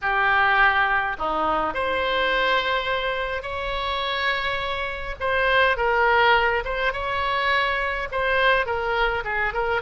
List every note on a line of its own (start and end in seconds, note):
0.01 1.16 G4
1.18 1.74 D#4
1.74 3.42 C5
3.42 5.15 C#5
5.19 5.77 C5
5.77 6.63 A#4
6.64 6.93 C5
6.93 8.08 C#5
8.11 8.66 C5
8.66 9.23 A#4
9.24 9.53 G#4
9.53 9.81 A#4